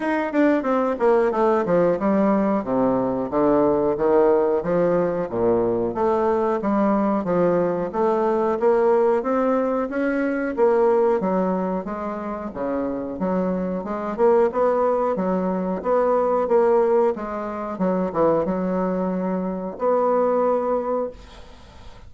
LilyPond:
\new Staff \with { instrumentName = "bassoon" } { \time 4/4 \tempo 4 = 91 dis'8 d'8 c'8 ais8 a8 f8 g4 | c4 d4 dis4 f4 | ais,4 a4 g4 f4 | a4 ais4 c'4 cis'4 |
ais4 fis4 gis4 cis4 | fis4 gis8 ais8 b4 fis4 | b4 ais4 gis4 fis8 e8 | fis2 b2 | }